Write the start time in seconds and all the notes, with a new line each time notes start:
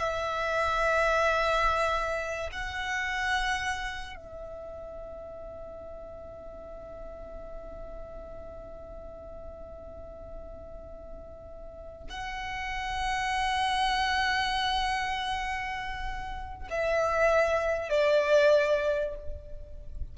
0.00 E5
2.53 F#5
4.17 E5
12.10 F#5
16.70 E5
17.90 D5